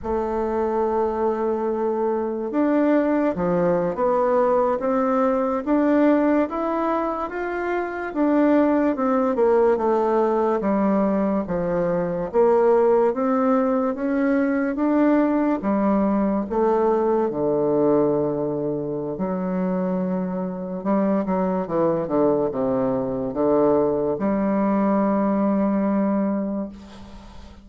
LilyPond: \new Staff \with { instrumentName = "bassoon" } { \time 4/4 \tempo 4 = 72 a2. d'4 | f8. b4 c'4 d'4 e'16~ | e'8. f'4 d'4 c'8 ais8 a16~ | a8. g4 f4 ais4 c'16~ |
c'8. cis'4 d'4 g4 a16~ | a8. d2~ d16 fis4~ | fis4 g8 fis8 e8 d8 c4 | d4 g2. | }